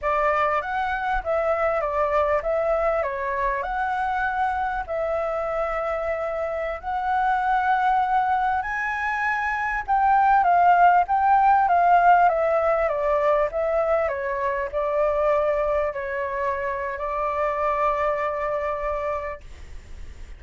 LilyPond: \new Staff \with { instrumentName = "flute" } { \time 4/4 \tempo 4 = 99 d''4 fis''4 e''4 d''4 | e''4 cis''4 fis''2 | e''2.~ e''16 fis''8.~ | fis''2~ fis''16 gis''4.~ gis''16~ |
gis''16 g''4 f''4 g''4 f''8.~ | f''16 e''4 d''4 e''4 cis''8.~ | cis''16 d''2 cis''4.~ cis''16 | d''1 | }